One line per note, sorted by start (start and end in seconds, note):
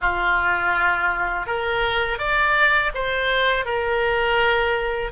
0.01 1.46 F4
1.46 2.18 A#4
2.18 2.91 D5
2.94 3.65 C5
3.65 5.11 A#4